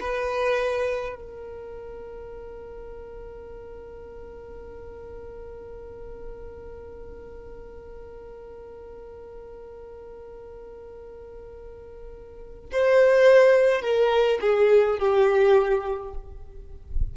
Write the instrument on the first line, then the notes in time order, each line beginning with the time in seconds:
violin
0.00 B4
1.15 A#4
12.71 C5
13.81 A#4
14.41 G#4
14.98 G4